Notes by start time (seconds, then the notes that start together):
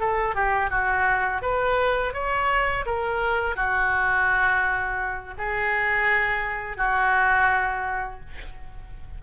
0.00 A4
0.35 G4
0.70 F#4
1.42 B4
2.14 C#5
2.86 A#4
3.56 F#4
5.38 G#4
6.77 F#4